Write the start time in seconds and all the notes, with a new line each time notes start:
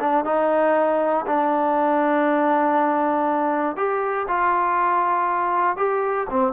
0.00 D4
0.25 D#4
1.27 D4
3.76 G4
4.28 F4
5.77 G4
6.30 C4